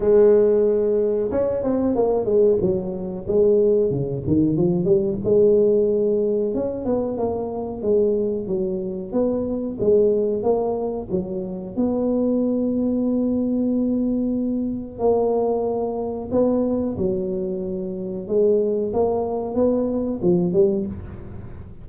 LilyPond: \new Staff \with { instrumentName = "tuba" } { \time 4/4 \tempo 4 = 92 gis2 cis'8 c'8 ais8 gis8 | fis4 gis4 cis8 dis8 f8 g8 | gis2 cis'8 b8 ais4 | gis4 fis4 b4 gis4 |
ais4 fis4 b2~ | b2. ais4~ | ais4 b4 fis2 | gis4 ais4 b4 f8 g8 | }